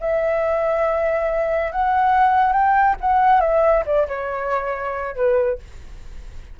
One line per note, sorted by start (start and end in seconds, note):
0.00 1.72 E5
1.72 2.52 F#5
2.52 2.95 G5
3.01 3.40 F#5
3.40 3.84 E5
3.86 4.07 D5
4.08 5.15 C#5
5.15 5.58 B4